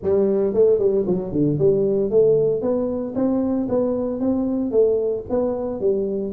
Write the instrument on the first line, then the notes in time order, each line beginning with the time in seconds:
tuba
0.03 G3
0.53 A3
0.78 G3
1.06 F#3
1.32 D3
1.58 G3
2.10 A3
2.61 B3
3.15 C4
3.68 B3
4.20 C4
4.71 A3
5.29 B3
5.80 G3